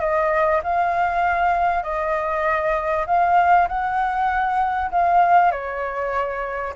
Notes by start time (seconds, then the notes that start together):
0.00 D#5
0.64 F5
1.83 D#5
3.07 F5
3.68 F#5
4.91 F5
5.52 C#5